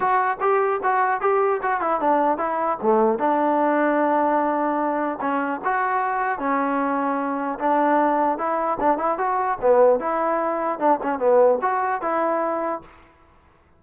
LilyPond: \new Staff \with { instrumentName = "trombone" } { \time 4/4 \tempo 4 = 150 fis'4 g'4 fis'4 g'4 | fis'8 e'8 d'4 e'4 a4 | d'1~ | d'4 cis'4 fis'2 |
cis'2. d'4~ | d'4 e'4 d'8 e'8 fis'4 | b4 e'2 d'8 cis'8 | b4 fis'4 e'2 | }